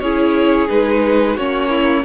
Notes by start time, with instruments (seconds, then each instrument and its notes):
0.00 cello C#4, viola E4, violin G#4 C#5
0.68 cello G#3, viola D#4, violin B4
1.35 cello A#3, viola C#4, violin F#4 C#5
1.69 violin E4